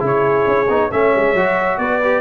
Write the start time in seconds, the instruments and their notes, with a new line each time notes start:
0.00 tuba C#3, trombone E4, horn G#4
0.06 trumpet C#5
0.47 tuba C#4
0.69 tuba B3, trombone D#4
0.90 tuba A3, trombone C#4, horn C#5, trumpet E5
1.15 tuba G#3
1.34 tuba F#3, trombone F#4
1.78 tuba B3, horn B4, trumpet D5
2.03 trombone G4